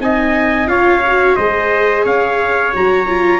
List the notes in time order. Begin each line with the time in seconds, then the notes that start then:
0.00 C4 D#4 D#5 G#5
0.67 C#4 F4 C#5 F5
1.07 F#4
1.36 G#3 G#4 C5 D#5
2.04 C#4 C#5 F5
2.72 F#3 F#4 A#5
3.08 F4